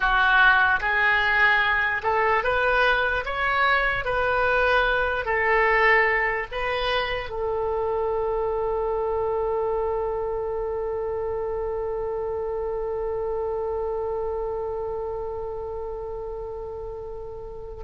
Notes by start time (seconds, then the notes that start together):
0.00 F#4
0.80 G#4
2.03 A4
2.43 B4
3.25 C#5
4.04 B4
5.25 A4
6.51 B4
7.29 A4